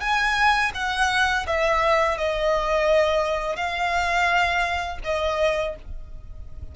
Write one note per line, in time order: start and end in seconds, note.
0.00 0.71 G#5
0.74 1.45 F#5
1.46 2.17 E5
2.17 3.56 D#5
3.56 4.99 F5
5.04 5.75 D#5